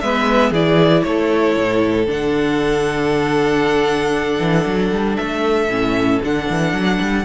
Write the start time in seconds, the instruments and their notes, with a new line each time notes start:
0.00 cello G#3, viola B3, violin B4 E5
0.50 cello E3, viola E4, violin G#4 D5
1.03 cello A3, violin A4 C#5
1.57 cello A2
2.06 cello D3, viola D4, violin F#5
4.40 cello E3
4.66 cello F#3
4.91 cello G3
5.16 cello A3, violin E5
5.69 cello A2, viola C#4
6.23 cello D3, viola D4, violin F#5
6.50 cello E3
6.73 cello F#3
7.00 cello G3